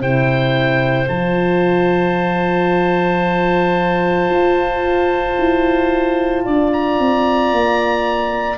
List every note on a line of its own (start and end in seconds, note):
0.00 1.08 C3
0.00 1.08 E4
0.00 6.43 C5
0.00 1.08 G5
1.08 4.29 F3
1.08 8.58 F4
1.08 6.71 A5
4.29 5.37 F4
5.38 6.46 E4
6.45 6.99 D4
6.45 8.58 D5
6.73 8.58 A#5
6.99 7.52 C4
7.52 8.58 A#3